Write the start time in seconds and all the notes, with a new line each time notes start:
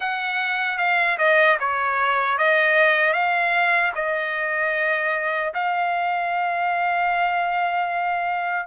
0.00 F#5
0.78 F5
1.18 D#5
1.59 C#5
2.38 D#5
3.13 F5
3.95 D#5
5.53 F5